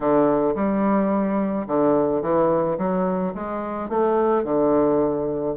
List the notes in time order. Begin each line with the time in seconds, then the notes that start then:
0.00 D3
0.55 G3
1.67 D3
2.22 E3
2.78 F#3
3.34 G#3
3.89 A3
4.44 D3